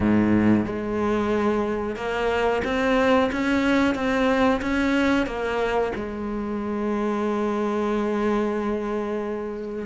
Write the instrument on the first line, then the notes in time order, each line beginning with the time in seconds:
cello
0.00 G#2
0.65 G#3
1.96 A#3
2.64 C4
3.31 C#4
3.94 C4
4.61 C#4
5.26 A#3
5.95 G#3